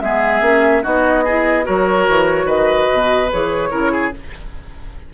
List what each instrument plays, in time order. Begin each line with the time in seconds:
0.00 bassoon G#3, clarinet B3, oboe G#4, flute E5
0.41 bassoon A#3, clarinet C#4
0.83 bassoon B3, clarinet D#4, oboe F#4, flute D#5
1.24 clarinet E4, oboe G#4
1.64 bassoon F#3, clarinet F#4, oboe A#4, flute C#5
2.09 bassoon E3
2.45 bassoon D#3, oboe B4, flute D#5
2.92 bassoon B2
3.32 bassoon E3, clarinet G#4, flute C#5
3.70 bassoon C#3, clarinet E4, oboe A#4
3.92 oboe G#4